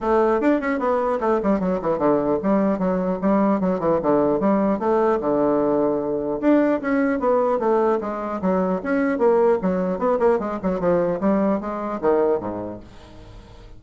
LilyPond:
\new Staff \with { instrumentName = "bassoon" } { \time 4/4 \tempo 4 = 150 a4 d'8 cis'8 b4 a8 g8 | fis8 e8 d4 g4 fis4 | g4 fis8 e8 d4 g4 | a4 d2. |
d'4 cis'4 b4 a4 | gis4 fis4 cis'4 ais4 | fis4 b8 ais8 gis8 fis8 f4 | g4 gis4 dis4 gis,4 | }